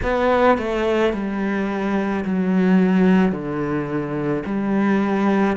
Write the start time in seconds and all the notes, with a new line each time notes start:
0.02 B3
0.58 A3
1.13 G3
2.24 F#3
3.32 D3
4.45 G3